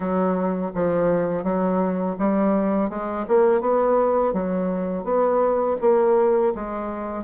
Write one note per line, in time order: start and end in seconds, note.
0.00 0.71 F#3
0.75 1.43 F3
1.43 2.16 F#3
2.19 2.89 G3
2.89 3.25 G#3
3.28 3.60 A#3
3.60 4.33 B3
4.33 5.04 F#3
5.04 5.76 B3
5.81 6.53 A#3
6.55 7.24 G#3